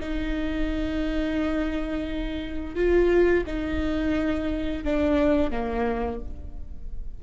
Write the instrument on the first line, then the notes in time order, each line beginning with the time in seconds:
viola
0.00 D#4
2.75 F4
3.46 D#4
4.84 D4
5.51 A#3